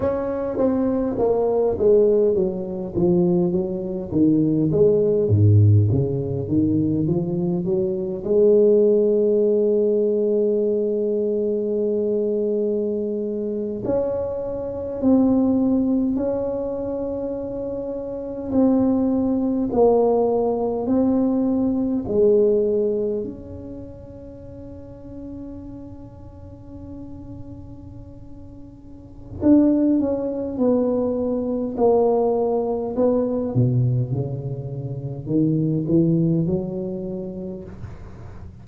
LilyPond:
\new Staff \with { instrumentName = "tuba" } { \time 4/4 \tempo 4 = 51 cis'8 c'8 ais8 gis8 fis8 f8 fis8 dis8 | gis8 gis,8 cis8 dis8 f8 fis8 gis4~ | gis2.~ gis8. cis'16~ | cis'8. c'4 cis'2 c'16~ |
c'8. ais4 c'4 gis4 cis'16~ | cis'1~ | cis'4 d'8 cis'8 b4 ais4 | b8 b,8 cis4 dis8 e8 fis4 | }